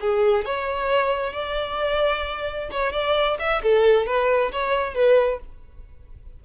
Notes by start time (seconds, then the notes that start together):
0.00 G#4
0.45 C#5
1.33 D5
2.71 C#5
2.92 D5
3.39 E5
3.63 A4
4.06 B4
4.52 C#5
4.94 B4